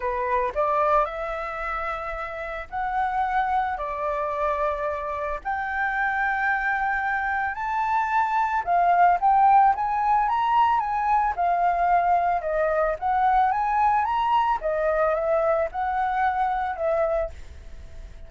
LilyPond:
\new Staff \with { instrumentName = "flute" } { \time 4/4 \tempo 4 = 111 b'4 d''4 e''2~ | e''4 fis''2 d''4~ | d''2 g''2~ | g''2 a''2 |
f''4 g''4 gis''4 ais''4 | gis''4 f''2 dis''4 | fis''4 gis''4 ais''4 dis''4 | e''4 fis''2 e''4 | }